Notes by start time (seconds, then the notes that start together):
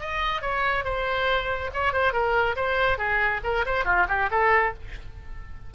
0.00 D#5
0.41 C#5
0.84 C5
1.73 C#5
1.92 C5
2.12 A#4
2.56 C5
2.98 G#4
3.43 A#4
3.65 C5
3.85 F4
4.08 G4
4.30 A4